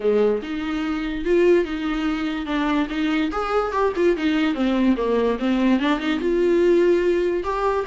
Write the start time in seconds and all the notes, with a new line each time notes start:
0.00 G#3
0.42 D#4
1.24 F4
1.64 D#4
2.46 D4
2.89 D#4
3.31 G#4
3.72 G4
3.96 F4
4.16 D#4
4.54 C4
4.96 A#3
5.39 C4
5.79 D4
5.99 D#4
6.20 F4
7.43 G4